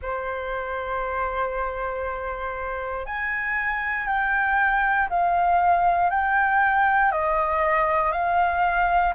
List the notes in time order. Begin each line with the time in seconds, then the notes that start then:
0.02 C5
3.06 G#5
4.07 G5
5.09 F5
6.10 G5
7.11 D#5
8.11 F5